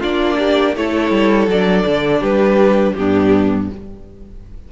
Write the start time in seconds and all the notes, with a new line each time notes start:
0.00 A#3 D4 F4 D5
0.39 G4
0.77 A3 E4 A4 C#5
1.11 G3
1.48 F#3 D4 D5
1.86 D3
2.20 G3 G4 B4
2.95 G2 B3 D4 G4